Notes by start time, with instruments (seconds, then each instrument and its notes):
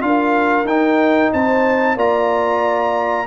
0.00 tuba D4, trombone F4, horn A#4, trumpet F5
0.65 tuba D#4, trombone D#4, trumpet G5
1.33 tuba C4, horn C5, trumpet A5
1.96 tuba A#3, trombone F4, horn D5, trumpet A#5